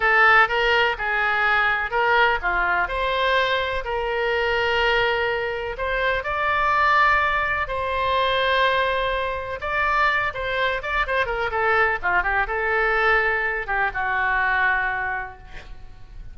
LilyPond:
\new Staff \with { instrumentName = "oboe" } { \time 4/4 \tempo 4 = 125 a'4 ais'4 gis'2 | ais'4 f'4 c''2 | ais'1 | c''4 d''2. |
c''1 | d''4. c''4 d''8 c''8 ais'8 | a'4 f'8 g'8 a'2~ | a'8 g'8 fis'2. | }